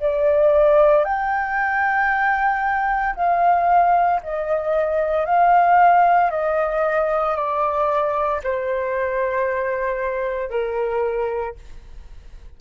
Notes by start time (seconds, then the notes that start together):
0.00 D5
1.05 G5
3.16 F5
4.23 D#5
5.26 F5
6.31 D#5
7.36 D5
8.44 C5
10.50 A#4